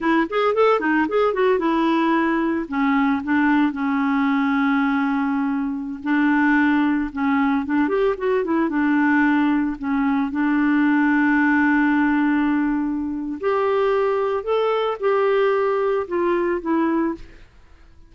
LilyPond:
\new Staff \with { instrumentName = "clarinet" } { \time 4/4 \tempo 4 = 112 e'8 gis'8 a'8 dis'8 gis'8 fis'8 e'4~ | e'4 cis'4 d'4 cis'4~ | cis'2.~ cis'16 d'8.~ | d'4~ d'16 cis'4 d'8 g'8 fis'8 e'16~ |
e'16 d'2 cis'4 d'8.~ | d'1~ | d'4 g'2 a'4 | g'2 f'4 e'4 | }